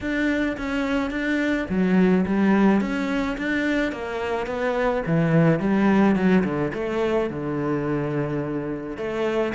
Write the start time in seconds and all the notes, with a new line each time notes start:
0.00 D4
0.57 C#4
1.10 D4
1.69 F#3
2.26 G3
2.80 C#4
3.37 D4
3.92 A#3
4.46 B3
5.06 E3
5.59 G3
6.15 F#3
6.44 D3
6.73 A3
7.30 D3
8.97 A3